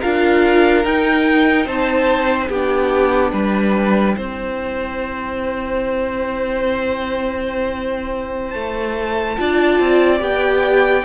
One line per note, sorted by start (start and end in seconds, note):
0.00 0.85 D4
0.00 0.85 F4
0.00 1.66 A#4
0.00 0.85 F5
0.85 1.66 D#4
0.85 2.52 D#4
0.85 1.68 G5
1.66 2.50 C4
1.66 2.49 C5
1.66 2.48 A5
2.48 3.33 B3
2.48 3.32 G4
2.48 8.51 G5
2.54 4.16 D4
3.33 4.16 G3
3.33 4.16 B4
4.16 8.55 C4
4.16 9.37 E4
4.16 9.38 C5
8.51 9.38 A3
8.51 10.18 A5
9.38 9.80 D4
9.38 10.20 F4
9.38 11.05 D5
9.80 10.21 C4
10.20 11.04 B3
10.20 11.03 G4
10.20 11.05 G5